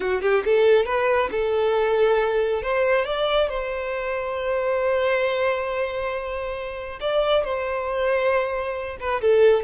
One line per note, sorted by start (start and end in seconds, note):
0.00 0.21 F#4
0.21 0.43 G4
0.44 0.85 A4
0.85 1.29 B4
1.31 2.62 A4
2.62 3.05 C5
3.05 3.49 D5
3.49 6.99 C5
7.00 7.44 D5
7.44 8.97 C5
9.00 9.21 B4
9.21 9.63 A4